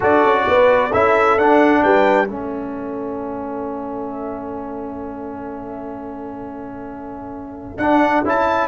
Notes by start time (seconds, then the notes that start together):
0.00 D4 F#4 A4 D5
0.24 C#4
0.47 B3 B4
0.90 C#4 E4 A4 E5
1.37 D4 F#5
1.83 G3 B4 G5
2.27 A3 C#4 A4 E5
7.77 D4 F#5
8.24 C#4 E4 A5